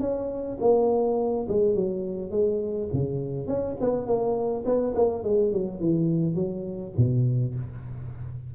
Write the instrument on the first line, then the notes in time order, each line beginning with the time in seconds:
tuba
0.00 C#4
0.61 A#3
1.49 G#3
1.75 F#3
2.31 G#3
2.93 C#3
3.47 C#4
3.81 B3
4.06 A#3
4.65 B3
4.95 A#3
5.24 G#3
5.52 F#3
5.80 E3
6.35 F#3
6.97 B2